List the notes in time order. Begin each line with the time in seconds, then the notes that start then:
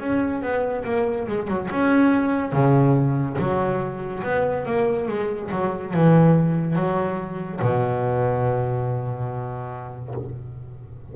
0.00 C#4
0.42 B3
0.85 A#3
1.27 G#3
1.48 F#3
1.71 C#4
2.52 C#3
3.38 F#3
4.23 B3
4.66 A#3
5.08 G#3
5.51 F#3
5.93 E3
6.75 F#3
7.61 B2